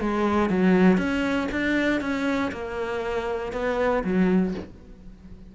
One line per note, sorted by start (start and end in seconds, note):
0.00 0.49 G#3
0.49 0.97 F#3
0.97 1.48 C#4
1.51 2.01 D4
2.01 2.51 C#4
2.51 3.52 A#3
3.52 4.03 B3
4.04 4.54 F#3